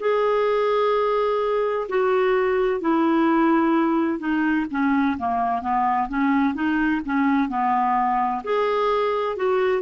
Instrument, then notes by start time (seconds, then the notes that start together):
clarinet
0.00 G#4
1.89 F#4
2.81 E4
4.19 D#4
4.71 C#4
5.19 A#3
5.62 B3
6.09 C#4
6.55 D#4
7.05 C#4
7.49 B3
8.44 G#4
9.37 F#4